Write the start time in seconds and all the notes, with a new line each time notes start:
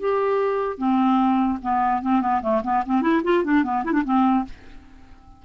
0.00 G4
0.78 C4
1.62 B3
2.02 C4
2.21 B3
2.42 A3
2.64 B3
2.86 C4
3.02 E4
3.24 F4
3.44 D4
3.64 B3
3.85 E4
3.93 D4
4.05 C4